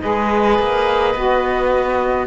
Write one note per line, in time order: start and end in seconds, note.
0.00 0.59 G#3
0.00 1.14 G#4
0.00 2.27 B4
0.00 2.26 D#5
0.59 1.14 A#3
1.14 2.27 B3
1.14 2.27 F#4